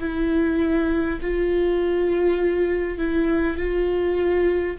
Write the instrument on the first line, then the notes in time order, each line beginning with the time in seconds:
viola
0.00 E4
1.22 F4
2.98 E4
3.58 F4